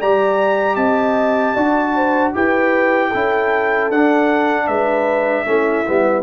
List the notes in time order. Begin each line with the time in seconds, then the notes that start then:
0.00 G3 G4 D5 A#5
0.76 C4 D#5 A5
1.55 D4 F#4 D5
1.96 C5
2.34 E4 G4 B4 G5
3.09 C#4 E4 A4
3.90 D4 F#5
4.68 G#3 B4 E5
5.46 A3 C#4 E4
5.86 G3 B3